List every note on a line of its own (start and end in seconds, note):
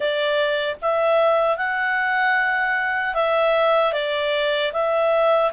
0.00 0.76 D5
0.81 1.57 E5
1.57 3.14 F#5
3.14 3.93 E5
3.93 4.72 D5
4.73 5.52 E5